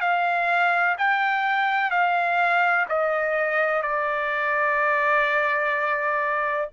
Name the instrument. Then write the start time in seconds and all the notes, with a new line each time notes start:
trumpet
0.00 F5
0.97 G5
1.90 F5
2.88 D#5
3.82 D5